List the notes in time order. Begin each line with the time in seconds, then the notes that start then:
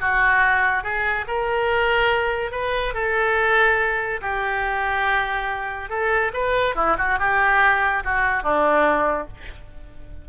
0.00 F#4
0.83 G#4
1.27 A#4
2.51 B4
2.93 A4
4.21 G4
5.89 A4
6.33 B4
6.75 E4
6.97 F#4
7.19 G4
8.04 F#4
8.43 D4